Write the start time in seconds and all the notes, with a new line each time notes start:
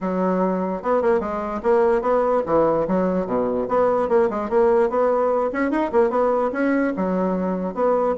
0.00 F#3
0.82 B3
1.02 A#3
1.20 G#3
1.62 A#3
2.01 B3
2.46 E3
2.87 F#3
3.26 B2
3.68 B3
4.09 A#3
4.29 G#3
4.49 A#3
4.89 B3
5.53 C#4
5.70 D#4
5.92 A#3
6.10 B3
6.52 C#4
6.96 F#3
7.74 B3